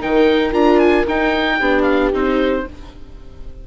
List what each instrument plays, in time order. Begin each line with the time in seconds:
0.00 bassoon D#3, viola D#4, horn A#4, oboe G5
0.52 bassoon D4, viola F4, oboe A#5
0.79 oboe G#5
1.07 bassoon D#4, viola D#4, oboe G5
1.58 bassoon B3, viola D4, horn G4
1.82 oboe F5
2.13 bassoon C4, viola D#4, oboe C5